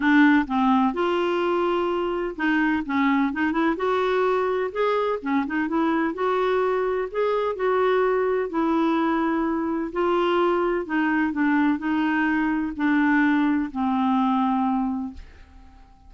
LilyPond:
\new Staff \with { instrumentName = "clarinet" } { \time 4/4 \tempo 4 = 127 d'4 c'4 f'2~ | f'4 dis'4 cis'4 dis'8 e'8 | fis'2 gis'4 cis'8 dis'8 | e'4 fis'2 gis'4 |
fis'2 e'2~ | e'4 f'2 dis'4 | d'4 dis'2 d'4~ | d'4 c'2. | }